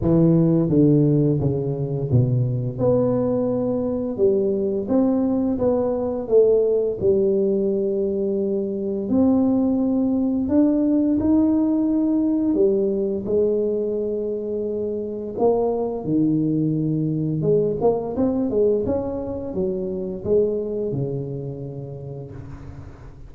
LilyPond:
\new Staff \with { instrumentName = "tuba" } { \time 4/4 \tempo 4 = 86 e4 d4 cis4 b,4 | b2 g4 c'4 | b4 a4 g2~ | g4 c'2 d'4 |
dis'2 g4 gis4~ | gis2 ais4 dis4~ | dis4 gis8 ais8 c'8 gis8 cis'4 | fis4 gis4 cis2 | }